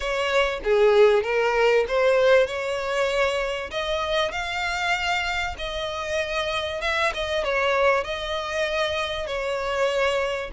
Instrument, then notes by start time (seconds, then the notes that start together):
violin
0.00 C#5
0.64 G#4
1.23 A#4
1.88 C5
2.46 C#5
3.71 D#5
4.31 F5
5.58 D#5
6.81 E5
7.13 D#5
7.44 C#5
8.04 D#5
9.26 C#5